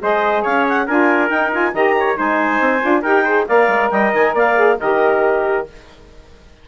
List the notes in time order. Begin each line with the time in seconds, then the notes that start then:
0.00 G#3 G#4 C5 D#5
0.42 C#4 C#5 F5
0.68 F#5
0.87 D4 F4 A#4 G#5
1.28 D#4 G5
1.51 F4 G#5
1.74 D#3 G4 D#5 A#5
1.99 C#5
2.15 G#3 D#4 C5 G#5
2.60 C4
2.81 D4 F4
3.02 D#4 G4 A#4 G5
3.24 G#4 C5
3.47 A#3 A#4 D5 F5
3.68 G#3
3.91 G3 D#5 G5
4.13 D#3 G#5
4.34 A#3 D5 F5
4.56 G#4
4.79 D#3 G4 A#4 D#5